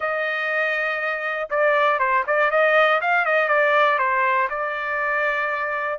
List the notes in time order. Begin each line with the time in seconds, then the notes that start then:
0.00 D#5
1.50 D5
1.99 C5
2.27 D5
2.50 D#5
3.01 F5
3.25 D#5
3.48 D5
3.98 C5
4.49 D5